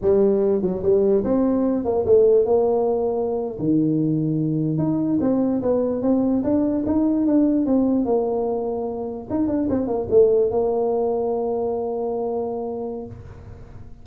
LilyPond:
\new Staff \with { instrumentName = "tuba" } { \time 4/4 \tempo 4 = 147 g4. fis8 g4 c'4~ | c'8 ais8 a4 ais2~ | ais8. dis2. dis'16~ | dis'8. c'4 b4 c'4 d'16~ |
d'8. dis'4 d'4 c'4 ais16~ | ais2~ ais8. dis'8 d'8 c'16~ | c'16 ais8 a4 ais2~ ais16~ | ais1 | }